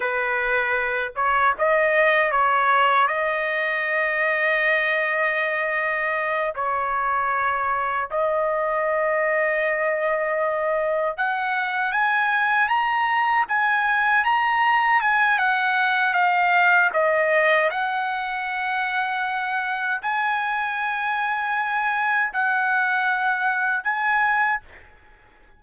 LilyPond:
\new Staff \with { instrumentName = "trumpet" } { \time 4/4 \tempo 4 = 78 b'4. cis''8 dis''4 cis''4 | dis''1~ | dis''8 cis''2 dis''4.~ | dis''2~ dis''8 fis''4 gis''8~ |
gis''8 ais''4 gis''4 ais''4 gis''8 | fis''4 f''4 dis''4 fis''4~ | fis''2 gis''2~ | gis''4 fis''2 gis''4 | }